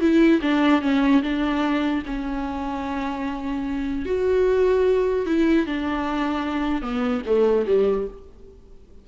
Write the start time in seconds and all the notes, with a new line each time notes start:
0.00 E4
0.41 D4
0.81 C#4
1.22 D4
2.06 C#4
4.05 F#4
5.26 E4
5.66 D4
6.82 B3
7.26 A3
7.67 G3